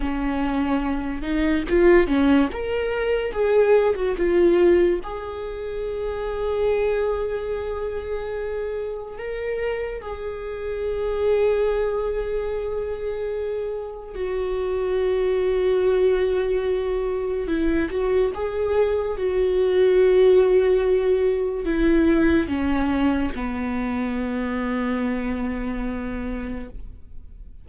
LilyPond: \new Staff \with { instrumentName = "viola" } { \time 4/4 \tempo 4 = 72 cis'4. dis'8 f'8 cis'8 ais'4 | gis'8. fis'16 f'4 gis'2~ | gis'2. ais'4 | gis'1~ |
gis'4 fis'2.~ | fis'4 e'8 fis'8 gis'4 fis'4~ | fis'2 e'4 cis'4 | b1 | }